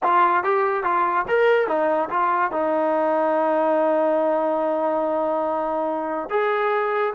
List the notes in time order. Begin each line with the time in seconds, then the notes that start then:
0.03 F4
0.43 G4
0.83 F4
1.28 A#4
1.67 D#4
2.09 F4
2.51 D#4
6.29 G#4